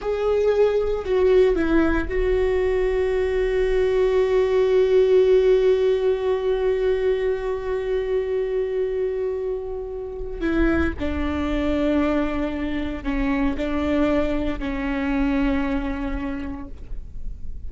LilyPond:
\new Staff \with { instrumentName = "viola" } { \time 4/4 \tempo 4 = 115 gis'2 fis'4 e'4 | fis'1~ | fis'1~ | fis'1~ |
fis'1 | e'4 d'2.~ | d'4 cis'4 d'2 | cis'1 | }